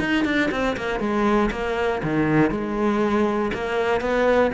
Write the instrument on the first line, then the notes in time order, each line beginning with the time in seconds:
cello
0.00 D#4
0.25 D4
0.52 C4
0.77 A#3
1.00 G#3
1.52 A#3
2.04 D#3
2.51 G#3
3.54 A#3
4.01 B3